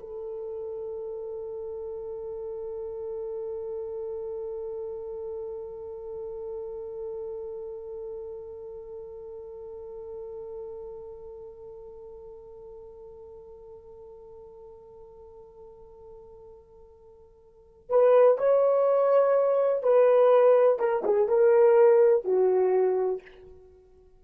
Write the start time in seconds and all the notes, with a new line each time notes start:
0.00 A4
17.89 B4
18.38 C#5
19.83 B4
20.79 A#4
21.04 G#4
21.28 A#4
22.25 F#4